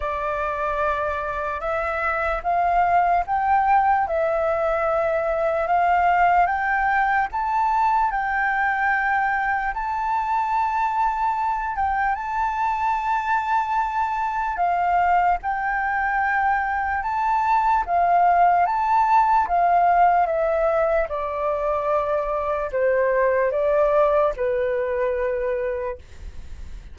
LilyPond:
\new Staff \with { instrumentName = "flute" } { \time 4/4 \tempo 4 = 74 d''2 e''4 f''4 | g''4 e''2 f''4 | g''4 a''4 g''2 | a''2~ a''8 g''8 a''4~ |
a''2 f''4 g''4~ | g''4 a''4 f''4 a''4 | f''4 e''4 d''2 | c''4 d''4 b'2 | }